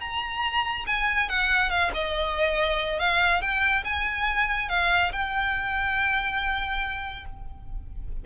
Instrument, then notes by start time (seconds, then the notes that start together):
violin
0.00 A#5
0.87 G#5
1.29 F#5
1.70 F5
1.94 D#5
2.99 F5
3.41 G5
3.84 G#5
4.69 F5
5.12 G5